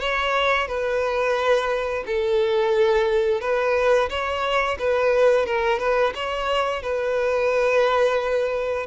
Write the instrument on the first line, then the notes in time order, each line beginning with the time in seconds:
violin
0.00 C#5
0.68 B4
2.06 A4
3.41 B4
4.09 C#5
4.79 B4
5.46 A#4
5.79 B4
6.15 C#5
6.82 B4